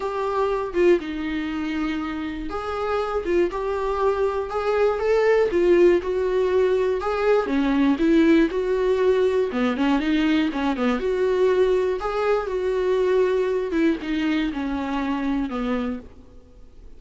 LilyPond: \new Staff \with { instrumentName = "viola" } { \time 4/4 \tempo 4 = 120 g'4. f'8 dis'2~ | dis'4 gis'4. f'8 g'4~ | g'4 gis'4 a'4 f'4 | fis'2 gis'4 cis'4 |
e'4 fis'2 b8 cis'8 | dis'4 cis'8 b8 fis'2 | gis'4 fis'2~ fis'8 e'8 | dis'4 cis'2 b4 | }